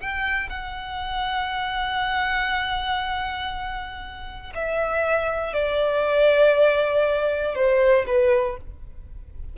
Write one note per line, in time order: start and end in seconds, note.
0.00 0.50 G5
0.50 4.53 F#5
4.54 5.53 E5
5.53 7.55 D5
7.55 8.05 C5
8.06 8.57 B4